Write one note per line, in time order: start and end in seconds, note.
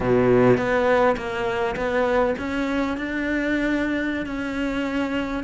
0.00 0.57 B2
0.57 1.16 B3
1.16 1.75 A#3
1.75 2.34 B3
2.38 2.97 C#4
2.97 4.26 D4
4.26 5.43 C#4